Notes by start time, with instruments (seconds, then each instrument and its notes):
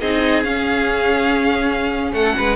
0.00 cello C4, viola D#4, violin G#4 D#5
0.43 cello C#4, viola C#4, violin F5
2.12 cello A3, violin A4 F#5
2.37 cello G#3, violin B4